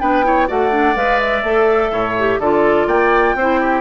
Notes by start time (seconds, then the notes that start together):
0.00 B3 D4 B4 G5
0.24 E4 C#5
0.48 A3 F#4 D5 F#5
0.71 D4
0.96 G#3 B4 F5
1.20 E5
1.43 A3 A4
1.91 A2 C#5
2.19 G4
2.40 D3 F4 A4 D5
2.87 A#3 D5 G5
3.35 C4 E4 C5
3.60 G4